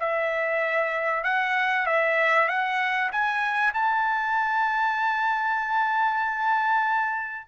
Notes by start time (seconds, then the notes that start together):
0.00 E5
1.24 F#5
1.86 E5
2.48 F#5
3.12 G#5
3.73 A5